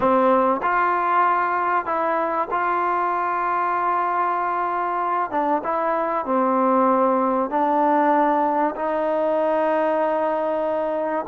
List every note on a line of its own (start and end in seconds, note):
0.00 0.61 C4
0.62 1.85 F4
1.85 2.48 E4
2.51 5.30 F4
5.30 5.62 D4
5.63 6.25 E4
6.25 7.49 C4
7.49 8.74 D4
8.75 11.25 D#4